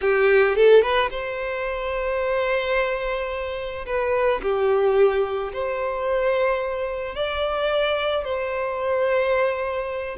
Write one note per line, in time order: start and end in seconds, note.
0.01 0.55 G4
0.55 0.82 A4
0.82 1.09 B4
1.10 3.85 C5
3.86 4.41 B4
4.42 5.52 G4
5.52 7.15 C5
7.15 8.24 D5
8.24 10.17 C5